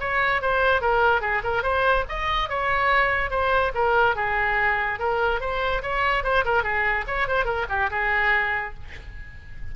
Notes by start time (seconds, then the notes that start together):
0.00 C#5
0.42 C5
0.81 A#4
1.21 G#4
1.44 A#4
1.63 C5
2.09 D#5
2.49 C#5
3.30 C5
3.75 A#4
4.16 G#4
4.99 A#4
5.40 C5
5.82 C#5
6.24 C5
6.45 A#4
6.63 G#4
7.07 C#5
7.28 C5
7.45 A#4
7.69 G4
7.91 G#4